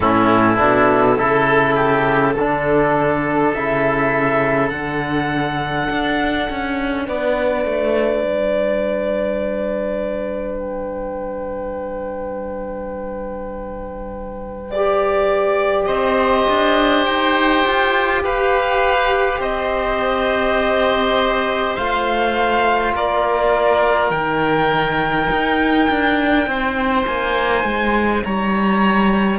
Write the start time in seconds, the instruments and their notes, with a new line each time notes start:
0.00 cello A2, trombone C#4, oboe E4, violin A4
0.57 cello B2, trombone D4
1.17 cello C#3, trombone E4, oboe A4
1.75 oboe G4
2.36 cello D3, trombone D4, oboe A4
3.54 cello C#3, trombone E4, violin E5
4.69 cello D3, trombone D4, violin F#5
5.90 cello D4
6.49 cello C#4
7.04 cello B3, oboe B4, violin D5
7.65 cello A3
8.23 cello G3
10.59 violin G5
14.71 trombone G4, violin D5
15.86 cello C4, oboe C5, violin D#5
16.48 cello D4
17.05 cello D#4, violin G5
17.66 cello F4
18.24 cello G4, oboe B4, violin F5
19.39 cello C4, oboe C5, violin D#5
21.75 cello A3, trombone F4, violin F5
22.94 cello A#3, oboe A#4, violin D5
24.10 cello D#3, trombone D#4, violin G5
25.29 cello D#4
25.89 cello D4
26.47 cello C4, oboe C5
27.06 cello A#3, violin G#5
27.63 cello G#3
28.24 cello G3, oboe C#5, violin A#5